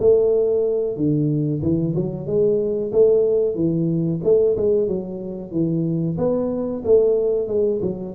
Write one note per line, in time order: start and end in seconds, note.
0.00 0.96 A3
0.96 1.62 D3
1.62 1.95 E3
1.95 2.26 F#3
2.26 2.92 G#3
2.92 3.55 A3
3.55 4.20 E3
4.24 4.56 A3
4.57 4.88 G#3
4.88 5.51 F#3
5.51 6.17 E3
6.18 6.83 B3
6.85 7.48 A3
7.48 7.81 G#3
7.82 8.15 F#3